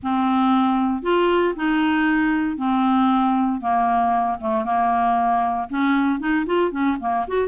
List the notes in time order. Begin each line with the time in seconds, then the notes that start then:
0.02 C4
1.02 F4
1.56 D#4
2.57 C4
3.60 A#3
4.40 A3
4.64 A#3
5.69 C#4
6.19 D#4
6.45 F4
6.71 C#4
7.00 A#3
7.27 F#4